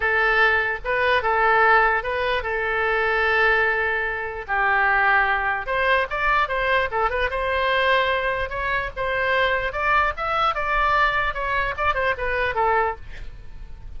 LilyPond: \new Staff \with { instrumentName = "oboe" } { \time 4/4 \tempo 4 = 148 a'2 b'4 a'4~ | a'4 b'4 a'2~ | a'2. g'4~ | g'2 c''4 d''4 |
c''4 a'8 b'8 c''2~ | c''4 cis''4 c''2 | d''4 e''4 d''2 | cis''4 d''8 c''8 b'4 a'4 | }